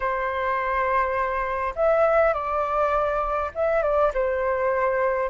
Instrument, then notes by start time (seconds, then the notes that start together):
flute
0.00 C5
1.75 E5
2.33 D5
3.55 E5
3.82 D5
4.14 C5